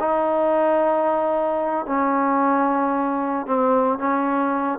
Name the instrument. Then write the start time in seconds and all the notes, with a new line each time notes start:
trombone
0.00 D#4
1.87 C#4
3.47 C4
3.99 C#4